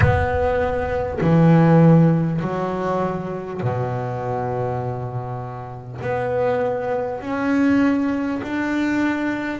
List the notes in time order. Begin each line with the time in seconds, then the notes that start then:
0.00 B3
1.21 E3
2.41 F#3
3.61 B2
6.01 B3
7.21 C#4
8.43 D4